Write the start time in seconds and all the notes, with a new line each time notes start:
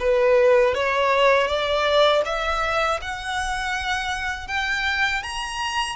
0.00 B4
0.75 C#5
1.47 D5
2.25 E5
3.02 F#5
4.48 G5
5.23 A#5